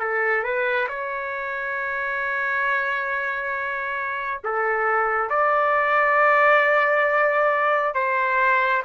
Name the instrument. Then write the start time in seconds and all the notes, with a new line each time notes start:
trumpet
0.00 A4
0.44 B4
0.89 C#5
4.44 A4
5.30 D5
7.95 C5